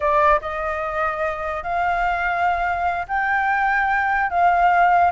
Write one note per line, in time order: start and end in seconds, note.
0.00 0.40 D5
0.41 1.63 D#5
1.63 3.06 F5
3.07 4.29 G5
4.29 5.11 F5